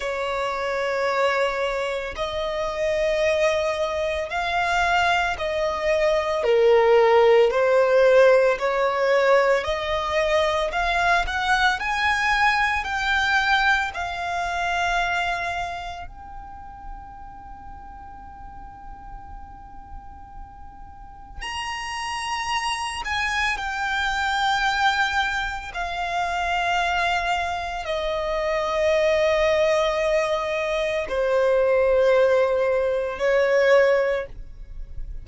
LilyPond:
\new Staff \with { instrumentName = "violin" } { \time 4/4 \tempo 4 = 56 cis''2 dis''2 | f''4 dis''4 ais'4 c''4 | cis''4 dis''4 f''8 fis''8 gis''4 | g''4 f''2 g''4~ |
g''1 | ais''4. gis''8 g''2 | f''2 dis''2~ | dis''4 c''2 cis''4 | }